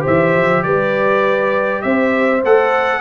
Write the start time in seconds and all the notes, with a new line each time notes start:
0.00 G4 C5
0.07 E3 E5
0.36 F3
0.63 G3 B4 D5
1.82 C4 C5 E5
2.44 A3 A4 F#5